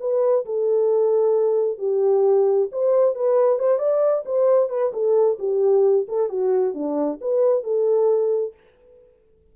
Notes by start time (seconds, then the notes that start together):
0.00 B4
0.45 A4
1.78 G4
2.72 C5
3.15 B4
3.59 C5
3.79 D5
4.25 C5
4.69 B4
4.93 A4
5.39 G4
6.08 A4
6.29 F#4
6.74 D4
7.21 B4
7.64 A4